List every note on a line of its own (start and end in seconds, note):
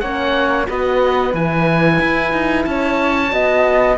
0.00 0.68 A#3
0.00 0.66 C#4
0.00 0.68 C#5
0.00 0.66 F#5
0.66 1.34 B3
0.66 1.32 F#4
0.66 2.67 B4
0.66 1.35 D#5
1.34 2.00 E3
1.34 3.31 E4
1.34 2.65 G#5
2.01 2.33 E4
2.33 2.66 D#4
2.65 3.32 C#4
2.65 3.33 C#5
2.65 3.96 A5
3.31 3.98 B3
3.31 3.97 F#4
3.31 3.98 D#5